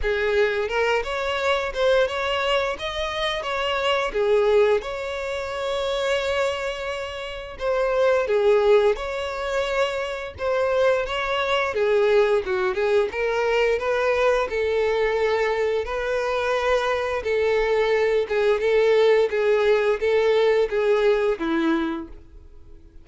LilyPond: \new Staff \with { instrumentName = "violin" } { \time 4/4 \tempo 4 = 87 gis'4 ais'8 cis''4 c''8 cis''4 | dis''4 cis''4 gis'4 cis''4~ | cis''2. c''4 | gis'4 cis''2 c''4 |
cis''4 gis'4 fis'8 gis'8 ais'4 | b'4 a'2 b'4~ | b'4 a'4. gis'8 a'4 | gis'4 a'4 gis'4 e'4 | }